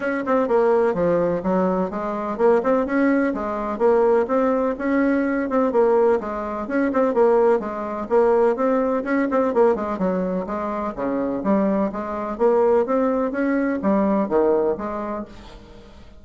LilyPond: \new Staff \with { instrumentName = "bassoon" } { \time 4/4 \tempo 4 = 126 cis'8 c'8 ais4 f4 fis4 | gis4 ais8 c'8 cis'4 gis4 | ais4 c'4 cis'4. c'8 | ais4 gis4 cis'8 c'8 ais4 |
gis4 ais4 c'4 cis'8 c'8 | ais8 gis8 fis4 gis4 cis4 | g4 gis4 ais4 c'4 | cis'4 g4 dis4 gis4 | }